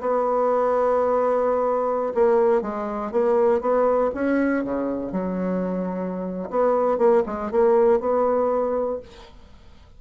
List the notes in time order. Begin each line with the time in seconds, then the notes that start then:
0.00 B3
2.14 A#3
2.61 G#3
3.11 A#3
3.60 B3
4.14 C#4
4.64 C#3
5.12 F#3
6.50 B3
6.97 A#3
7.26 G#3
7.51 A#3
8.00 B3